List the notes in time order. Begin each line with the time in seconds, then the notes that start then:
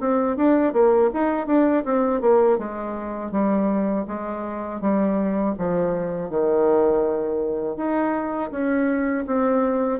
0.00 C4
0.37 D4
0.73 A#3
1.13 D#4
1.47 D4
1.85 C4
2.21 A#3
2.58 G#3
3.32 G3
4.07 G#3
4.81 G3
5.59 F3
6.30 D#3
7.77 D#4
8.51 C#4
9.27 C4